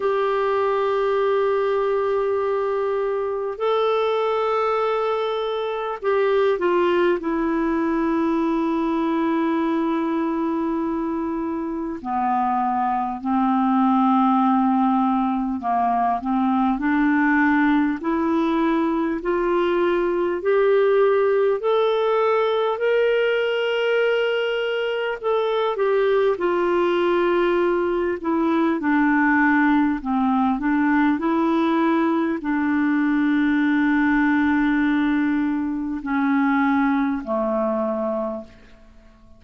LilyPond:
\new Staff \with { instrumentName = "clarinet" } { \time 4/4 \tempo 4 = 50 g'2. a'4~ | a'4 g'8 f'8 e'2~ | e'2 b4 c'4~ | c'4 ais8 c'8 d'4 e'4 |
f'4 g'4 a'4 ais'4~ | ais'4 a'8 g'8 f'4. e'8 | d'4 c'8 d'8 e'4 d'4~ | d'2 cis'4 a4 | }